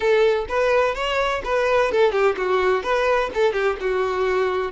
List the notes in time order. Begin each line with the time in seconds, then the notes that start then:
0.00 A4
0.48 B4
0.94 C#5
1.44 B4
1.91 A4
2.12 G4
2.37 F#4
2.83 B4
3.34 A4
3.52 G4
3.80 F#4